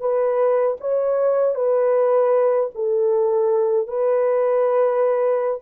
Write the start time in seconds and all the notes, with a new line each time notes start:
0.00 B4
0.80 C#5
1.55 B4
2.75 A4
3.88 B4